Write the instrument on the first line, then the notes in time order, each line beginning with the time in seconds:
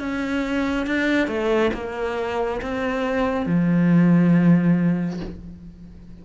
cello
0.00 C#4
0.87 D4
1.28 A3
1.74 A#3
2.62 C4
3.46 F3